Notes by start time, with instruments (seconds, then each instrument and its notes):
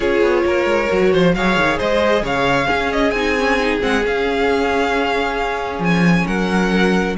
0.00 cello C#4, viola F4, violin G#4 C#5
0.21 cello B3
0.45 cello A#3, violin A#4
0.65 cello G#3
0.90 cello F#3, viola F#4
1.12 cello F3, violin C5
1.33 cello F#3, viola G#4, violin C#5 F5
1.56 cello D#3
1.77 cello G#3, violin C5 D#5
2.21 cello C#3, violin C#5 F5
2.66 viola C#4, cello C#4, violin G#4
2.92 violin D#5
3.11 cello C4, viola D#4, violin G#5
3.39 viola C#4
3.59 viola D#4
3.80 cello G#3, viola C4, violin F#5
4.04 viola C#4, cello C#4, violin F5
5.78 cello F3, violin G#5
6.26 cello F#3, violin A#4 F#5